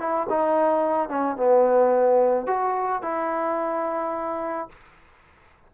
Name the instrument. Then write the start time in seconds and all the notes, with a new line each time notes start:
trombone
0.00 E4
0.30 D#4
1.10 C#4
1.37 B3
2.47 F#4
3.03 E4